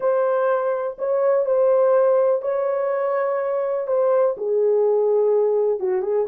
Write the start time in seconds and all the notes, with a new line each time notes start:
0.00 C5
0.98 C#5
1.45 C5
2.42 C#5
3.87 C5
4.37 G#4
5.79 F#4
6.02 G#4